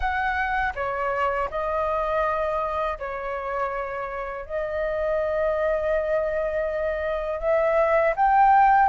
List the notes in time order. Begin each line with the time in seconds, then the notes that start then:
0.00 F#5
0.75 C#5
1.50 D#5
2.98 C#5
4.45 D#5
7.39 E5
8.15 G5